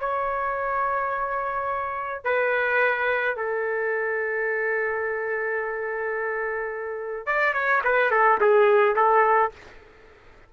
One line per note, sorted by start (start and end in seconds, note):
0.00 2.24 C#5
2.24 3.36 B4
3.36 7.26 A4
7.26 7.53 D5
7.53 7.81 C#5
7.84 8.11 B4
8.11 8.39 A4
8.40 8.96 G#4
8.96 9.52 A4